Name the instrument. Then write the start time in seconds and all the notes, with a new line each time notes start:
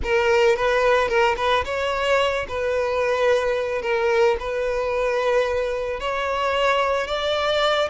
violin
0.03 A#4
0.56 B4
1.08 A#4
1.37 B4
1.64 C#5
2.48 B4
3.82 A#4
4.39 B4
6.00 C#5
7.07 D5